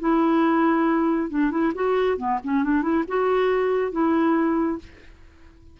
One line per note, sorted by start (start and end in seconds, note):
0.00 1.30 E4
1.30 1.51 D4
1.51 1.73 E4
1.75 2.17 F#4
2.17 2.39 B3
2.44 2.64 C#4
2.64 2.82 D4
2.82 3.04 E4
3.08 3.92 F#4
3.92 4.79 E4